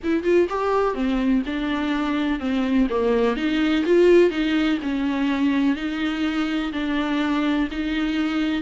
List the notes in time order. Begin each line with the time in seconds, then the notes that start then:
0.03 E4
0.23 F4
0.49 G4
0.94 C4
1.46 D4
2.39 C4
2.89 A#3
3.36 D#4
3.85 F4
4.30 D#4
4.82 C#4
5.76 D#4
6.72 D4
7.71 D#4